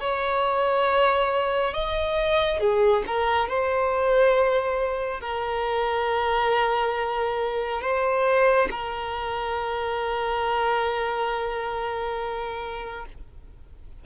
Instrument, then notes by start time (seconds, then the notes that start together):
violin
0.00 C#5
1.74 D#5
2.60 G#4
3.07 A#4
3.49 C5
5.21 A#4
7.81 C5
8.70 A#4